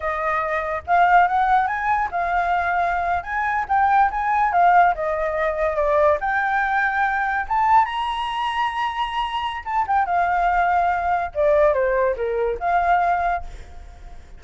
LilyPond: \new Staff \with { instrumentName = "flute" } { \time 4/4 \tempo 4 = 143 dis''2 f''4 fis''4 | gis''4 f''2~ f''8. gis''16~ | gis''8. g''4 gis''4 f''4 dis''16~ | dis''4.~ dis''16 d''4 g''4~ g''16~ |
g''4.~ g''16 a''4 ais''4~ ais''16~ | ais''2. a''8 g''8 | f''2. d''4 | c''4 ais'4 f''2 | }